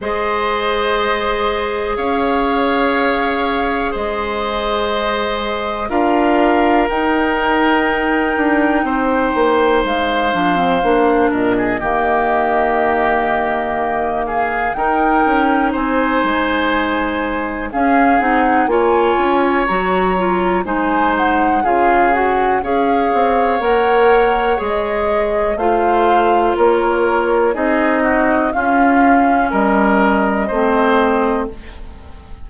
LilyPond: <<
  \new Staff \with { instrumentName = "flute" } { \time 4/4 \tempo 4 = 61 dis''2 f''2 | dis''2 f''4 g''4~ | g''2 f''4. dis''8~ | dis''2~ dis''8 f''8 g''4 |
gis''2 f''8 fis''8 gis''4 | ais''4 gis''8 fis''8 f''8 fis''8 f''4 | fis''4 dis''4 f''4 cis''4 | dis''4 f''4 dis''2 | }
  \new Staff \with { instrumentName = "oboe" } { \time 4/4 c''2 cis''2 | c''2 ais'2~ | ais'4 c''2~ c''8 ais'16 gis'16 | g'2~ g'8 gis'8 ais'4 |
c''2 gis'4 cis''4~ | cis''4 c''4 gis'4 cis''4~ | cis''2 c''4 ais'4 | gis'8 fis'8 f'4 ais'4 c''4 | }
  \new Staff \with { instrumentName = "clarinet" } { \time 4/4 gis'1~ | gis'2 f'4 dis'4~ | dis'2~ dis'8 d'16 c'16 d'4 | ais2. dis'4~ |
dis'2 cis'8 dis'8 f'4 | fis'8 f'8 dis'4 f'8 fis'8 gis'4 | ais'4 gis'4 f'2 | dis'4 cis'2 c'4 | }
  \new Staff \with { instrumentName = "bassoon" } { \time 4/4 gis2 cis'2 | gis2 d'4 dis'4~ | dis'8 d'8 c'8 ais8 gis8 f8 ais8 ais,8 | dis2. dis'8 cis'8 |
c'8 gis4. cis'8 c'8 ais8 cis'8 | fis4 gis4 cis4 cis'8 c'8 | ais4 gis4 a4 ais4 | c'4 cis'4 g4 a4 | }
>>